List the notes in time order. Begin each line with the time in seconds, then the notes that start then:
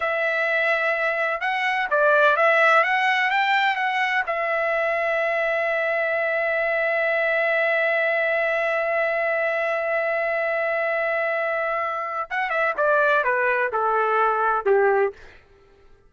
0.00 E5
1.40 F#5
1.90 D5
2.36 E5
2.83 F#5
3.30 G5
3.76 F#5
4.26 E5
12.30 F#5
12.50 E5
12.77 D5
13.23 B4
13.72 A4
14.65 G4